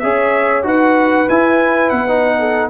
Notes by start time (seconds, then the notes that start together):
0.00 C#4 G#4 C#5 E5
0.63 D#4 F#4 B4 F#5
1.29 E4 G#5
1.90 B3 F#5
2.08 D#4
2.39 A4